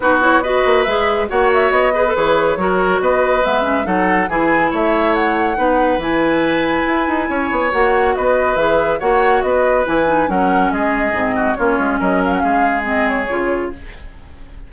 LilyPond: <<
  \new Staff \with { instrumentName = "flute" } { \time 4/4 \tempo 4 = 140 b'8 cis''8 dis''4 e''4 fis''8 e''8 | dis''4 cis''2 dis''4 | e''4 fis''4 gis''4 e''4 | fis''2 gis''2~ |
gis''2 fis''4 dis''4 | e''4 fis''4 dis''4 gis''4 | fis''4 dis''2 cis''4 | dis''8 f''16 fis''16 f''4 dis''8 cis''4. | }
  \new Staff \with { instrumentName = "oboe" } { \time 4/4 fis'4 b'2 cis''4~ | cis''8 b'4. ais'4 b'4~ | b'4 a'4 gis'4 cis''4~ | cis''4 b'2.~ |
b'4 cis''2 b'4~ | b'4 cis''4 b'2 | ais'4 gis'4. fis'8 f'4 | ais'4 gis'2. | }
  \new Staff \with { instrumentName = "clarinet" } { \time 4/4 dis'8 e'8 fis'4 gis'4 fis'4~ | fis'8 gis'16 a'16 gis'4 fis'2 | b8 cis'8 dis'4 e'2~ | e'4 dis'4 e'2~ |
e'2 fis'2 | gis'4 fis'2 e'8 dis'8 | cis'2 c'4 cis'4~ | cis'2 c'4 f'4 | }
  \new Staff \with { instrumentName = "bassoon" } { \time 4/4 b4. ais8 gis4 ais4 | b4 e4 fis4 b4 | gis4 fis4 e4 a4~ | a4 b4 e2 |
e'8 dis'8 cis'8 b8 ais4 b4 | e4 ais4 b4 e4 | fis4 gis4 gis,4 ais8 gis8 | fis4 gis2 cis4 | }
>>